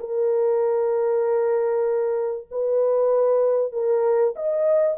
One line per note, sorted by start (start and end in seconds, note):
0.00 2.47 A#4
2.51 3.73 B4
3.73 4.34 A#4
4.36 4.98 D#5